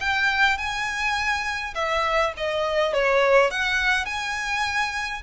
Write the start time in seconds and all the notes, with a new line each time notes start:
0.00 G5
0.57 G#5
1.74 E5
2.37 D#5
2.93 C#5
3.50 F#5
4.05 G#5